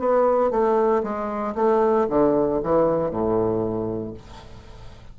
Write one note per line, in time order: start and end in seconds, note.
0.00 0.51 B3
0.51 1.03 A3
1.03 1.55 G#3
1.55 2.07 A3
2.10 2.61 D3
2.64 3.11 E3
3.11 4.14 A2